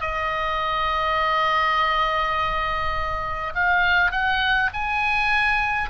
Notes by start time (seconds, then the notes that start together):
0.00 D#5
3.54 F5
4.11 F#5
4.73 G#5